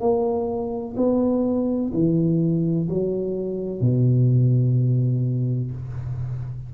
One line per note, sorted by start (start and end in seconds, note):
0.00 0.95 A#3
0.97 1.92 B3
1.94 2.89 E3
2.89 3.81 F#3
3.81 5.71 B2